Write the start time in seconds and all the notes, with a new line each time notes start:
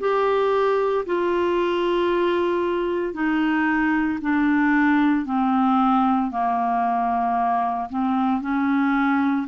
0.00 G4
1.06 F4
3.14 D#4
4.22 D4
5.26 C4
6.32 A#3
7.89 C4
8.42 C#4